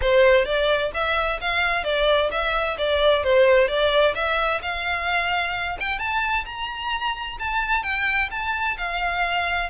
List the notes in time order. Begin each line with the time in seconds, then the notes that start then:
0.01 C5
0.45 D5
0.93 E5
1.40 F5
1.83 D5
2.31 E5
2.78 D5
3.23 C5
3.68 D5
4.14 E5
4.62 F5
5.80 G5
5.98 A5
6.45 A#5
7.39 A5
7.83 G5
8.31 A5
8.77 F5